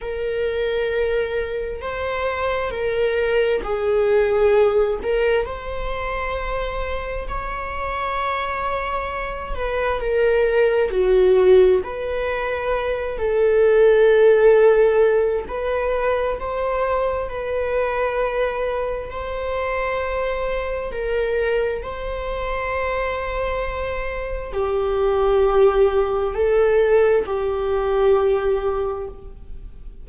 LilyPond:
\new Staff \with { instrumentName = "viola" } { \time 4/4 \tempo 4 = 66 ais'2 c''4 ais'4 | gis'4. ais'8 c''2 | cis''2~ cis''8 b'8 ais'4 | fis'4 b'4. a'4.~ |
a'4 b'4 c''4 b'4~ | b'4 c''2 ais'4 | c''2. g'4~ | g'4 a'4 g'2 | }